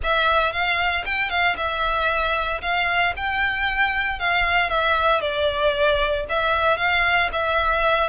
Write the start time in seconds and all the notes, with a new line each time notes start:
0.03 E5
0.52 F5
1.05 G5
1.30 F5
1.57 E5
2.61 F5
3.16 G5
4.19 F5
4.69 E5
5.20 D5
6.29 E5
6.77 F5
7.32 E5